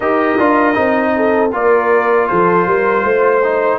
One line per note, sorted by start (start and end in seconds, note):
0.00 0.36 D#4
0.00 0.38 G4
0.00 1.12 A#4
0.00 1.51 D#5
0.38 0.76 D4
0.38 0.73 F4
0.73 1.53 C4
0.73 1.49 D#4
1.16 1.53 A4
1.52 2.29 A#3
1.52 3.42 F4
1.52 2.29 A#4
1.52 2.27 D5
2.27 2.66 F3
2.27 2.67 A4
2.27 3.78 C5
2.66 3.03 G3
2.66 3.04 A#4
3.03 3.78 A3
3.03 3.78 C5
3.43 3.78 D#4